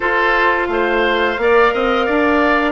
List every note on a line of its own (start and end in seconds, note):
0.00 1.37 F4
0.00 0.68 F4
0.00 0.67 A4
0.00 0.66 C5
0.66 1.36 A3
0.66 1.41 C5
0.66 2.71 F5
1.37 1.72 A#3
1.37 2.71 A#4
1.37 1.73 D5
1.73 2.08 C4
1.73 2.06 D#5
2.06 2.71 D4
2.06 2.71 D5